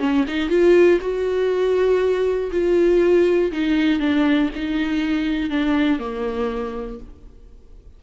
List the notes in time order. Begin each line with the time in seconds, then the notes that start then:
0.00 C#4
0.28 D#4
0.50 F4
1.01 F#4
2.52 F4
3.52 D#4
4.00 D4
4.55 D#4
5.50 D4
6.00 A#3